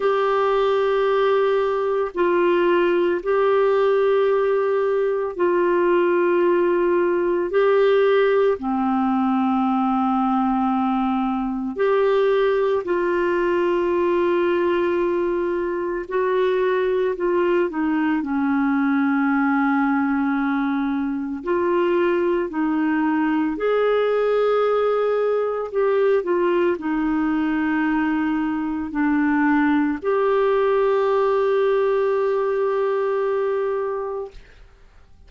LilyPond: \new Staff \with { instrumentName = "clarinet" } { \time 4/4 \tempo 4 = 56 g'2 f'4 g'4~ | g'4 f'2 g'4 | c'2. g'4 | f'2. fis'4 |
f'8 dis'8 cis'2. | f'4 dis'4 gis'2 | g'8 f'8 dis'2 d'4 | g'1 | }